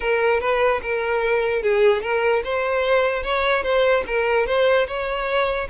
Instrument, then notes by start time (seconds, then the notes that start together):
violin
0.00 A#4
0.40 B4
0.81 A#4
1.62 G#4
2.02 A#4
2.43 C5
3.23 C#5
3.63 C5
4.07 A#4
4.46 C5
4.86 C#5